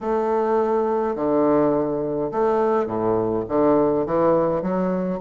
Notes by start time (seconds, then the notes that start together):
0.01 A3
1.15 D3
2.31 A3
2.86 A2
3.48 D3
4.06 E3
4.62 F#3